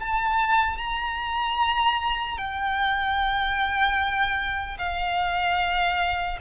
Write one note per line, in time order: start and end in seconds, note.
0.00 0.78 A5
0.78 2.38 A#5
2.38 4.78 G5
4.79 6.39 F5